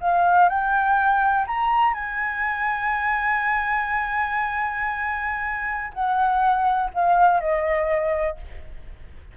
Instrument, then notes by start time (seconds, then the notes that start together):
flute
0.00 F5
0.49 G5
1.46 A#5
1.94 G#5
5.93 F#5
6.93 F5
7.40 D#5